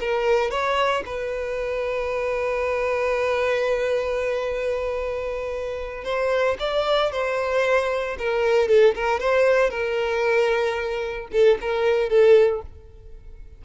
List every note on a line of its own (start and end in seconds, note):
0.00 0.50 A#4
0.50 1.03 C#5
1.06 6.04 B4
6.04 6.57 C5
6.59 7.11 D5
7.11 8.17 C5
8.19 8.68 A#4
8.68 8.94 A4
8.95 9.20 A#4
9.20 9.70 C5
9.70 11.28 A#4
11.32 11.58 A4
11.61 12.09 A#4
12.09 12.62 A4